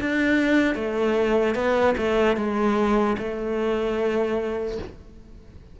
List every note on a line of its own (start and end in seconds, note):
0.00 0.75 D4
0.75 1.55 A3
1.55 1.95 B3
1.97 2.36 A3
2.36 3.16 G#3
3.18 4.78 A3